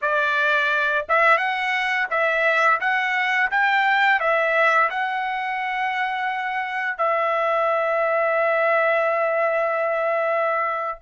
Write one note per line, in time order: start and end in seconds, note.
0.01 1.06 D5
1.08 1.37 E5
1.37 2.07 F#5
2.10 2.80 E5
2.80 3.50 F#5
3.50 4.20 G5
4.20 4.89 E5
4.90 6.97 F#5
6.97 10.98 E5